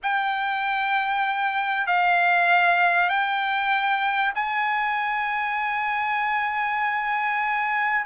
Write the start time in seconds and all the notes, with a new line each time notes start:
0.03 G5
1.86 F5
3.09 G5
4.34 G#5